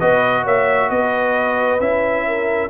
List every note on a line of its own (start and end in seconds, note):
0.00 0.46 B3
0.00 1.81 F#4
0.00 0.44 B4
0.00 0.45 D#5
0.44 0.91 A#3
0.44 0.89 C#5
0.44 0.91 E5
0.91 1.81 B3
0.91 2.28 B4
0.91 1.81 D#5
1.81 2.70 C#4
1.81 2.70 E4
1.81 2.70 E5
2.28 2.70 A#4